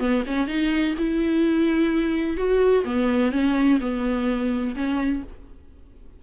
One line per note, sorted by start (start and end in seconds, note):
0.00 0.24 B3
0.27 0.48 C#4
0.48 0.95 D#4
0.99 2.38 E4
2.38 2.85 F#4
2.85 3.32 B3
3.32 3.79 C#4
3.81 4.76 B3
4.76 5.23 C#4